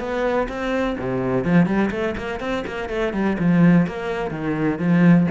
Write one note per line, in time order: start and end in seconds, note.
0.00 0.48 B3
0.49 0.97 C4
0.99 1.45 C3
1.45 1.67 F3
1.67 1.91 G3
1.91 2.15 A3
2.18 2.40 A#3
2.40 2.64 C4
2.67 2.90 A#3
2.90 3.14 A3
3.14 3.38 G3
3.39 3.87 F3
3.87 4.31 A#3
4.31 4.79 D#3
4.79 5.27 F3